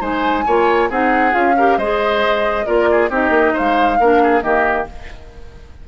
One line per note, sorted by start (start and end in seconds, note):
0.00 0.44 G#3
0.00 0.44 D#4
0.00 0.44 C5
0.00 0.90 G#5
0.46 0.90 A#3
0.46 0.91 F4
0.46 0.89 C#5
0.89 1.34 C4
0.89 1.31 D#4
0.89 1.56 G#4
0.89 1.34 F#5
1.31 1.77 C#4
1.31 1.53 F4
1.31 1.78 F5
1.57 1.80 G4
1.57 1.77 A#4
1.77 2.65 G#3
1.77 2.65 G#4
1.77 2.66 C5
1.77 2.66 D#5
2.65 3.10 A#3
2.65 3.09 F4
2.65 2.88 A#4
2.65 3.10 D5
2.91 3.10 G#4
3.10 3.29 C4
3.10 3.99 D#4
3.10 3.53 G4
3.10 3.57 D#5
3.29 3.51 A#3
3.53 3.99 G#3
3.53 3.97 C5
3.53 4.42 F5
3.99 4.42 A#3
3.99 4.42 D4
3.99 4.22 A#4
4.23 4.43 G#4
4.42 4.86 D#3
4.42 4.86 A#3
4.42 4.87 G4
4.42 4.86 D#5